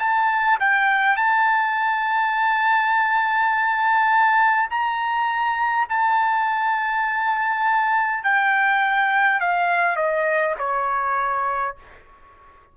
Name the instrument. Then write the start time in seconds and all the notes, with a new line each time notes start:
trumpet
0.00 A5
0.60 G5
1.17 A5
4.71 A#5
5.89 A5
8.24 G5
9.41 F5
9.97 D#5
10.59 C#5